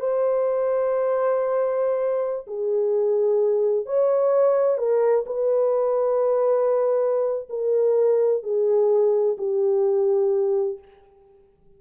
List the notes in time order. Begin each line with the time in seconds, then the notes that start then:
0.00 C5
2.47 G#4
3.86 C#5
4.78 A#4
5.26 B4
7.49 A#4
8.43 G#4
9.38 G4